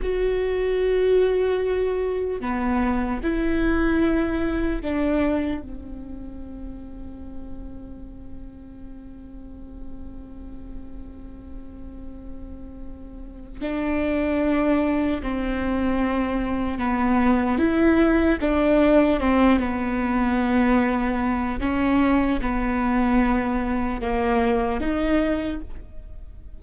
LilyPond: \new Staff \with { instrumentName = "viola" } { \time 4/4 \tempo 4 = 75 fis'2. b4 | e'2 d'4 c'4~ | c'1~ | c'1~ |
c'4 d'2 c'4~ | c'4 b4 e'4 d'4 | c'8 b2~ b8 cis'4 | b2 ais4 dis'4 | }